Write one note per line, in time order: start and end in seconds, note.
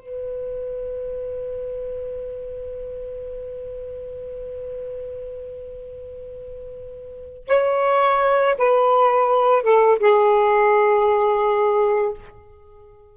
0.00 7.48 B4
7.48 8.56 C#5
8.58 9.63 B4
9.63 9.99 A4
10.00 12.14 G#4